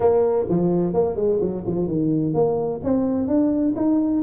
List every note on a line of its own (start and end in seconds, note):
0.00 0.45 A#3
0.49 0.93 F3
0.93 1.16 A#3
1.16 1.39 G#3
1.40 1.64 F#3
1.66 1.87 F3
1.87 2.34 D#3
2.34 2.81 A#3
2.83 3.27 C4
3.27 3.74 D4
3.76 4.22 D#4